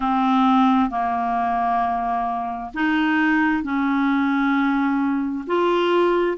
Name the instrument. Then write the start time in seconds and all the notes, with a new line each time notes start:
clarinet
0.00 C4
0.90 A#3
2.74 D#4
3.63 C#4
5.46 F4